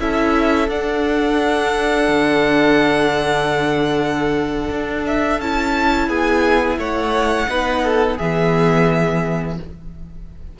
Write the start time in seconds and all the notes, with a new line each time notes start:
0.00 C#4 E4 A4 E5
0.69 D4 F#5
2.09 D3
4.71 D4
5.07 E5
5.40 C#4 E4 A5
6.08 B3 G#4 G#5
6.78 A3 C#5 F#5
7.48 B3 D#4 B4
7.84 A4
8.17 E3 B3 G#4 E5